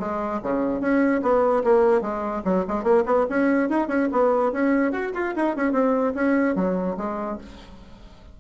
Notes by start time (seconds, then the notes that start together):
0.00 G#3
0.43 C#3
0.81 C#4
1.23 B3
1.64 A#3
2.02 G#3
2.45 F#3
2.68 G#3
2.84 A#3
3.06 B3
3.30 C#4
3.70 D#4
3.89 C#4
4.12 B3
4.53 C#4
4.92 F#4
5.14 F4
5.36 D#4
5.57 C#4
5.73 C4
6.15 C#4
6.56 F#3
6.98 G#3